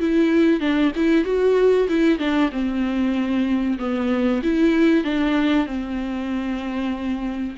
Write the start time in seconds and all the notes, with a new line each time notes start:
0.00 E4
0.60 D4
0.96 E4
1.25 F#4
1.89 E4
2.19 D4
2.52 C4
3.79 B3
4.43 E4
5.04 D4
5.66 C4